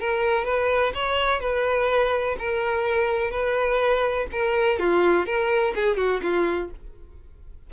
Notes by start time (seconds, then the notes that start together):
0.00 A#4
0.45 B4
0.94 C#5
1.40 B4
2.39 A#4
3.31 B4
4.32 A#4
4.79 F4
5.26 A#4
5.75 G#4
5.97 F#4
6.22 F4